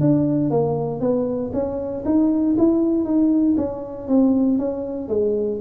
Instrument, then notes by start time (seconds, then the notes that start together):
tuba
0.00 D4
0.50 A#3
1.00 B3
1.53 C#4
2.05 D#4
2.58 E4
3.05 D#4
3.57 C#4
4.08 C4
4.58 C#4
5.08 G#3